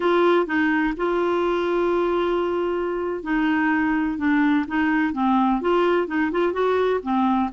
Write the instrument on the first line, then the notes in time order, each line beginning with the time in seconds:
clarinet
0.00 F4
0.46 D#4
0.97 F4
3.23 D#4
4.18 D4
4.67 D#4
5.13 C4
5.61 F4
6.07 D#4
6.31 F4
6.52 F#4
7.02 C4